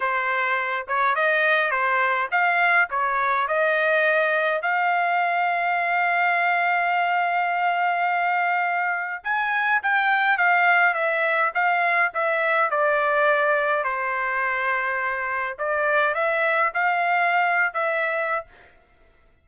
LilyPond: \new Staff \with { instrumentName = "trumpet" } { \time 4/4 \tempo 4 = 104 c''4. cis''8 dis''4 c''4 | f''4 cis''4 dis''2 | f''1~ | f''1 |
gis''4 g''4 f''4 e''4 | f''4 e''4 d''2 | c''2. d''4 | e''4 f''4.~ f''16 e''4~ e''16 | }